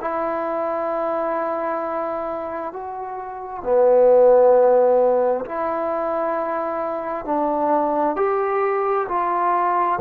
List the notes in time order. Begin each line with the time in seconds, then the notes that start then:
0.00 E4
2.72 F#4
3.63 B3
5.45 E4
7.25 D4
8.16 G4
9.08 F4